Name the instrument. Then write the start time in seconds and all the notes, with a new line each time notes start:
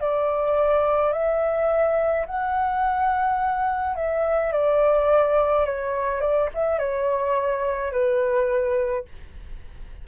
flute
0.00 D5
1.12 E5
2.26 F#5
3.96 E5
4.52 D5
5.65 C#5
6.20 D5
6.54 E5
6.78 C#5
7.91 B4